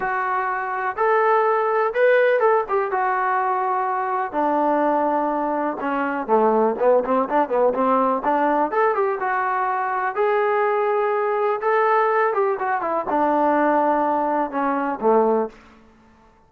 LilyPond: \new Staff \with { instrumentName = "trombone" } { \time 4/4 \tempo 4 = 124 fis'2 a'2 | b'4 a'8 g'8 fis'2~ | fis'4 d'2. | cis'4 a4 b8 c'8 d'8 b8 |
c'4 d'4 a'8 g'8 fis'4~ | fis'4 gis'2. | a'4. g'8 fis'8 e'8 d'4~ | d'2 cis'4 a4 | }